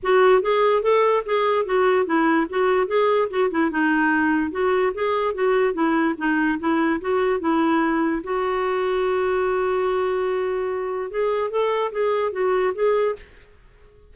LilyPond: \new Staff \with { instrumentName = "clarinet" } { \time 4/4 \tempo 4 = 146 fis'4 gis'4 a'4 gis'4 | fis'4 e'4 fis'4 gis'4 | fis'8 e'8 dis'2 fis'4 | gis'4 fis'4 e'4 dis'4 |
e'4 fis'4 e'2 | fis'1~ | fis'2. gis'4 | a'4 gis'4 fis'4 gis'4 | }